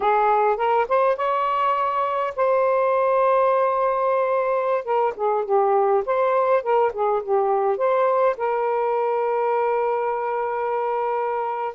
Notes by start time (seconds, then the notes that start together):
0.00 G#4
0.56 A#4
0.88 C5
1.16 C#5
2.36 C5
4.84 A#4
5.16 G#4
5.44 G4
6.05 C5
6.62 A#4
6.93 G#4
7.22 G4
7.77 C5
8.37 A#4